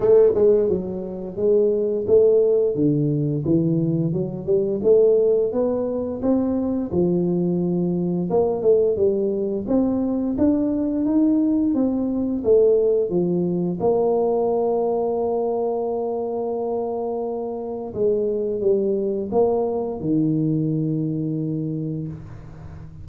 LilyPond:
\new Staff \with { instrumentName = "tuba" } { \time 4/4 \tempo 4 = 87 a8 gis8 fis4 gis4 a4 | d4 e4 fis8 g8 a4 | b4 c'4 f2 | ais8 a8 g4 c'4 d'4 |
dis'4 c'4 a4 f4 | ais1~ | ais2 gis4 g4 | ais4 dis2. | }